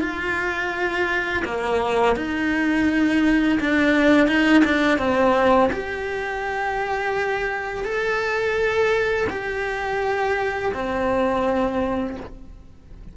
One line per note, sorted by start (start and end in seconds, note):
0.00 1.43 F4
1.44 2.16 A#3
2.16 3.58 D#4
3.60 4.27 D4
4.27 4.63 D#4
4.64 4.98 D4
4.98 5.70 C4
5.72 7.84 G4
7.84 9.27 A4
9.30 10.72 G4
10.73 12.16 C4